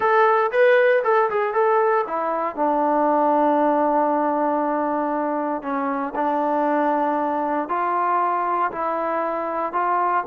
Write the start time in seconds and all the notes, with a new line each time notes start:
0.00 A4
0.51 B4
1.04 A4
1.30 G#4
1.53 A4
2.07 E4
2.55 D4
5.62 C#4
6.15 D4
7.68 F4
8.71 E4
9.72 F4